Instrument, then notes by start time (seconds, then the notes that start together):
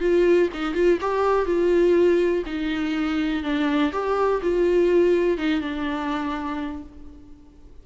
viola
0.00 F4
0.54 D#4
0.74 F4
1.01 G4
1.46 F4
2.46 D#4
3.43 D4
3.93 G4
4.42 F4
5.38 D#4
5.61 D4